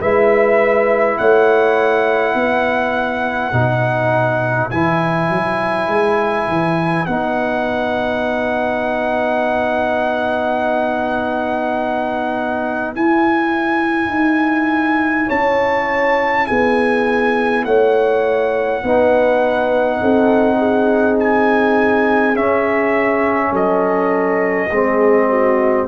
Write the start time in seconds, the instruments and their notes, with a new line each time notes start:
0.00 tuba G#3, trombone E4, horn B4, trumpet E5
1.18 tuba A3, horn C#5, trumpet F#5
2.35 tuba B3, horn B4
3.53 tuba B2, trombone D#4
4.71 tuba E3, trombone E4, trumpet G#5
5.29 tuba F#3
5.88 tuba G#3
6.48 tuba E3
7.06 tuba B3, trombone D#4, trumpet F#5
12.95 trombone E4, tuba E4, trumpet G#5
14.10 tuba D#4
15.27 tuba C#4, horn C#5, trumpet A5
16.47 tuba B3, horn G#4, trumpet G#5
17.65 tuba A3, horn C#5, trumpet F#5
18.83 tuba B3, trombone D#4, horn B4
20.01 tuba C4, horn A4
20.58 horn G#4
21.20 trumpet G#5
22.35 trombone C#4, tuba C#4, trumpet E5
23.51 tuba F#3, horn A4, trumpet D#5
24.70 tuba G#3, trombone C4, horn G#4
25.29 horn F#4